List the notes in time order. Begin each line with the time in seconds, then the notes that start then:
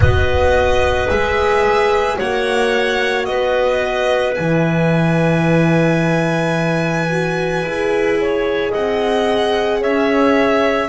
0.00 B3 F#4 B4 D#5
1.09 G#3 G#4 E5
2.16 A#3 F#4 C#5 F#5
3.25 B3 B4 D#5
4.34 E3 E4 G#5
7.10 F#4
7.62 E4 G#4
8.20 C#5
8.70 C4 D#5 F#5
9.80 C#4 C#5 E5